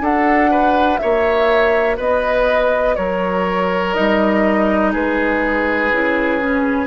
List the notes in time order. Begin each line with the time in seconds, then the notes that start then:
0.00 D4 F#4 A4 F#5
0.50 B4
0.97 A#3 C#5 E5
1.97 B3 B4 D#5
2.95 F#3 A#4 C#5
3.93 G3 D#4 D#5
4.92 G#3 G#4 B4
5.91 C#3 E4
6.41 C#4